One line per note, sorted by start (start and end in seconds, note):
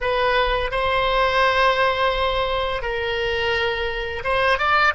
0.01 0.71 B4
0.71 2.81 C5
2.81 4.23 A#4
4.24 4.58 C5
4.58 4.93 D5